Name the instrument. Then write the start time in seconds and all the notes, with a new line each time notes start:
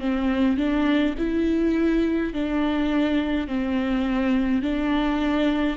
viola
0.00 C4
0.58 D4
1.19 E4
2.34 D4
3.48 C4
4.63 D4